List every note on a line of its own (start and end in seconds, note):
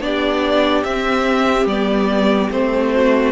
0.00 0.83 B3
0.00 0.84 D4
0.00 2.94 G4
0.00 0.84 D5
0.84 1.68 C4
0.84 1.66 C4
0.84 1.67 E5
1.66 2.49 G3
1.66 2.51 B3
1.66 2.51 D5
2.51 3.32 A3
2.51 3.32 C4
2.51 3.32 C5
2.94 3.32 F#4